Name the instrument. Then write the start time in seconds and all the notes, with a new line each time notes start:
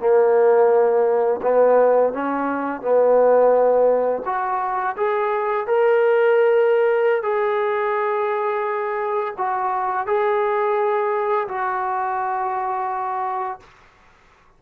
trombone
0.00 A#3
1.43 B3
2.14 C#4
2.82 B3
4.26 F#4
4.97 G#4
5.68 A#4
7.23 G#4
9.38 F#4
10.07 G#4
11.49 F#4